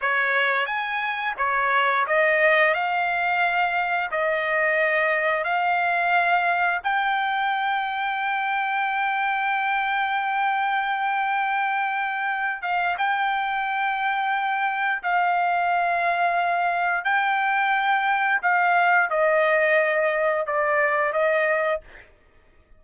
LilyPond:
\new Staff \with { instrumentName = "trumpet" } { \time 4/4 \tempo 4 = 88 cis''4 gis''4 cis''4 dis''4 | f''2 dis''2 | f''2 g''2~ | g''1~ |
g''2~ g''8 f''8 g''4~ | g''2 f''2~ | f''4 g''2 f''4 | dis''2 d''4 dis''4 | }